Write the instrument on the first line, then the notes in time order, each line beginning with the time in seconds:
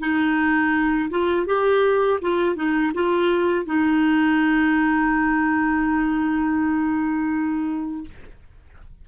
clarinet
0.00 D#4
1.10 F4
1.47 G4
2.22 F4
2.56 D#4
2.94 F4
3.66 D#4